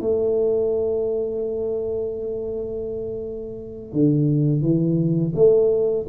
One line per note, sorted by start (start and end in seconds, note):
0.00 3.92 A3
3.92 4.61 D3
4.61 5.33 E3
5.35 6.06 A3